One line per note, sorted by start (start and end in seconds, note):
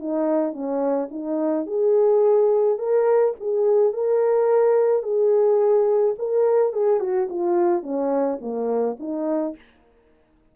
0.00 0.53 D#4
0.53 1.09 C#4
1.11 1.67 D#4
1.67 2.79 G#4
2.79 3.35 A#4
3.40 3.94 G#4
3.94 5.03 A#4
5.03 6.15 G#4
6.19 6.73 A#4
6.73 7.00 G#4
7.00 7.28 F#4
7.30 7.83 F4
7.83 8.39 C#4
8.41 8.97 A#3
9.00 9.56 D#4